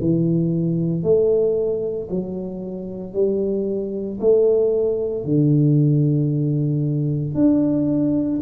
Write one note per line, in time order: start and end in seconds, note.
0.00 1.02 E3
1.02 2.08 A3
2.10 3.13 F#3
3.13 4.19 G3
4.20 5.24 A3
5.24 7.34 D3
7.34 8.40 D4